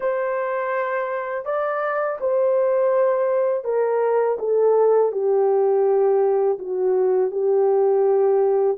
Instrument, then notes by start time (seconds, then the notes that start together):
horn
0.00 C5
1.45 D5
2.20 C5
3.64 A#4
4.39 A4
5.12 G4
6.59 F#4
7.31 G4